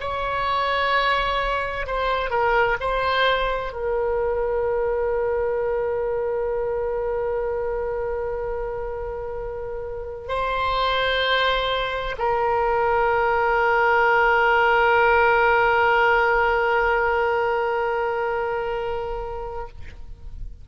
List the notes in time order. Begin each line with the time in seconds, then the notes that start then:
0.00 C#5
1.87 C5
2.31 A#4
2.80 C5
3.73 A#4
10.28 C5
12.18 A#4